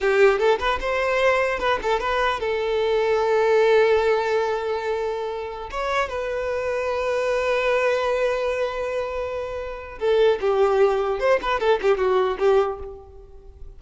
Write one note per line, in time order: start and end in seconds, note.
0.01 0.38 G4
0.38 0.58 A4
0.59 0.79 B4
0.80 1.59 C5
1.59 1.79 B4
1.82 2.00 A4
2.00 2.40 B4
2.40 5.70 A4
5.70 6.09 C#5
6.09 9.99 B4
9.99 10.39 A4
10.40 11.19 G4
11.19 11.39 C5
11.42 11.59 B4
11.59 11.79 A4
11.82 11.97 G4
11.97 12.37 F#4
12.39 12.79 G4